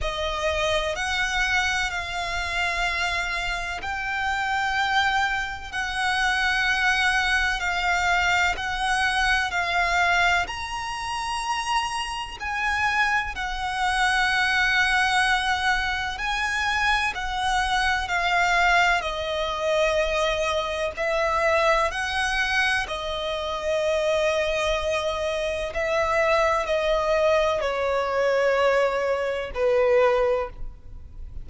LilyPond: \new Staff \with { instrumentName = "violin" } { \time 4/4 \tempo 4 = 63 dis''4 fis''4 f''2 | g''2 fis''2 | f''4 fis''4 f''4 ais''4~ | ais''4 gis''4 fis''2~ |
fis''4 gis''4 fis''4 f''4 | dis''2 e''4 fis''4 | dis''2. e''4 | dis''4 cis''2 b'4 | }